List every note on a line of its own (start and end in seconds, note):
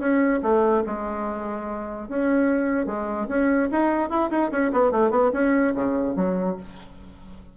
0.00 0.41 C#4
0.43 0.84 A3
0.87 2.09 G#3
2.09 2.87 C#4
2.87 3.28 G#3
3.29 3.69 C#4
3.72 4.10 D#4
4.10 4.31 E4
4.31 4.52 D#4
4.52 4.72 C#4
4.73 4.92 B3
4.92 5.11 A3
5.11 5.32 B3
5.34 5.74 C#4
5.76 6.16 C#3
6.16 6.57 F#3